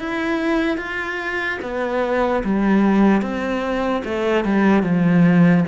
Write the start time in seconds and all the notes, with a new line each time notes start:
0.00 E4
0.78 F4
1.62 B3
2.44 G3
3.22 C4
4.05 A3
4.45 G3
4.84 F3